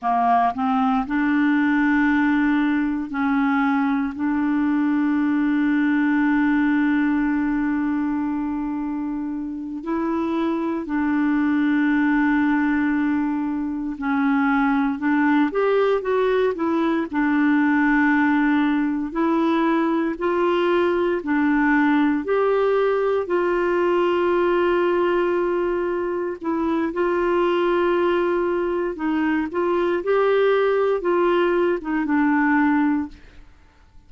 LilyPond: \new Staff \with { instrumentName = "clarinet" } { \time 4/4 \tempo 4 = 58 ais8 c'8 d'2 cis'4 | d'1~ | d'4. e'4 d'4.~ | d'4. cis'4 d'8 g'8 fis'8 |
e'8 d'2 e'4 f'8~ | f'8 d'4 g'4 f'4.~ | f'4. e'8 f'2 | dis'8 f'8 g'4 f'8. dis'16 d'4 | }